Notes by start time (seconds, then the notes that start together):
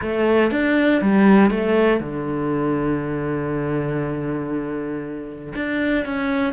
0.01 A3
0.51 D4
1.01 G3
1.50 A3
2.00 D3
5.55 D4
6.05 C#4